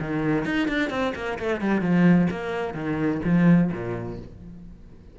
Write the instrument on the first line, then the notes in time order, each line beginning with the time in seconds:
cello
0.00 D#3
0.45 D#4
0.68 D4
0.90 C4
1.15 A#3
1.38 A3
1.60 G3
1.81 F3
2.30 A#3
2.74 D#3
3.24 F3
3.71 A#2